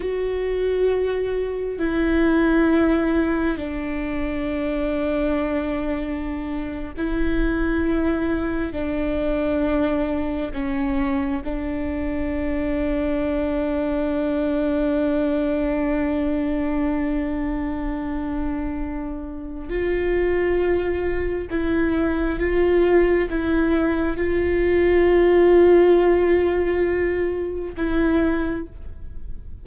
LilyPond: \new Staff \with { instrumentName = "viola" } { \time 4/4 \tempo 4 = 67 fis'2 e'2 | d'2.~ d'8. e'16~ | e'4.~ e'16 d'2 cis'16~ | cis'8. d'2.~ d'16~ |
d'1~ | d'2 f'2 | e'4 f'4 e'4 f'4~ | f'2. e'4 | }